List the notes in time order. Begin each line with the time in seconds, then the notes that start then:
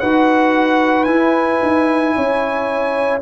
0.00 D#4 F#4 B4 F#5
1.04 E4 G#5
1.62 D#4
2.15 C#4 C#5